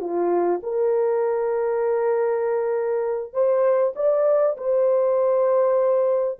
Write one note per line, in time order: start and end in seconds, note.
0.00 0.61 F4
0.63 3.33 A#4
3.33 3.93 C5
3.96 4.56 D5
4.57 6.39 C5